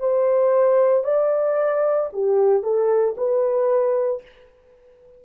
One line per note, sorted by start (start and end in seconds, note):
0.00 1.04 C5
1.04 2.10 D5
2.13 2.63 G4
2.63 3.16 A4
3.18 4.23 B4